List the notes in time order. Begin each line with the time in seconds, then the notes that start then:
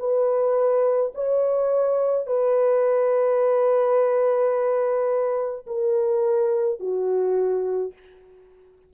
0.00 B4
1.15 C#5
2.27 B4
5.67 A#4
6.80 F#4